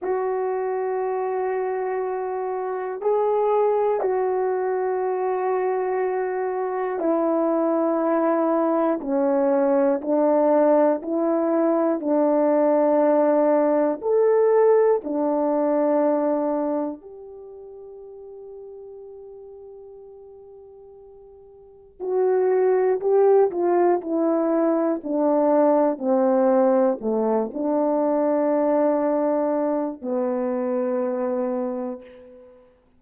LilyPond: \new Staff \with { instrumentName = "horn" } { \time 4/4 \tempo 4 = 60 fis'2. gis'4 | fis'2. e'4~ | e'4 cis'4 d'4 e'4 | d'2 a'4 d'4~ |
d'4 g'2.~ | g'2 fis'4 g'8 f'8 | e'4 d'4 c'4 a8 d'8~ | d'2 b2 | }